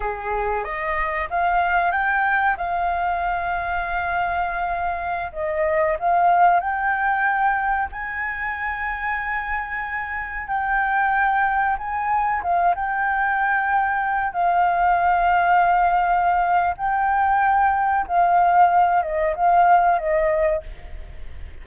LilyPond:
\new Staff \with { instrumentName = "flute" } { \time 4/4 \tempo 4 = 93 gis'4 dis''4 f''4 g''4 | f''1~ | f''16 dis''4 f''4 g''4.~ g''16~ | g''16 gis''2.~ gis''8.~ |
gis''16 g''2 gis''4 f''8 g''16~ | g''2~ g''16 f''4.~ f''16~ | f''2 g''2 | f''4. dis''8 f''4 dis''4 | }